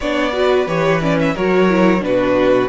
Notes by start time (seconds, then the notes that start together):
0.00 B3 D4 C#5 D5
0.32 F#4 B4
0.67 E3 G4 C#5
1.01 C#4 D5
1.19 E5
1.34 F#3 F#4 A#4 C#5
1.69 E4
1.99 B2 D4 F#4 B4